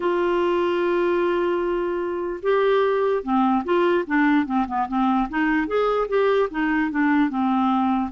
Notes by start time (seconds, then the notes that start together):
0.00 F4
2.42 G4
3.22 C4
3.64 F4
4.07 D4
4.46 C4
4.67 B3
4.88 C4
5.29 D#4
5.67 G#4
6.08 G4
6.50 D#4
6.90 D4
7.29 C4